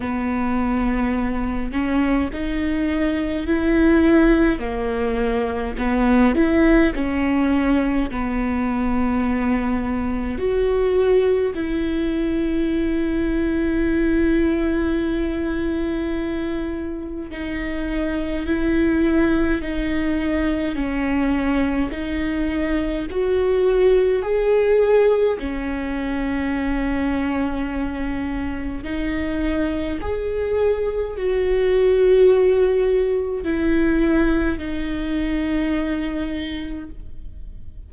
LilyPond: \new Staff \with { instrumentName = "viola" } { \time 4/4 \tempo 4 = 52 b4. cis'8 dis'4 e'4 | ais4 b8 e'8 cis'4 b4~ | b4 fis'4 e'2~ | e'2. dis'4 |
e'4 dis'4 cis'4 dis'4 | fis'4 gis'4 cis'2~ | cis'4 dis'4 gis'4 fis'4~ | fis'4 e'4 dis'2 | }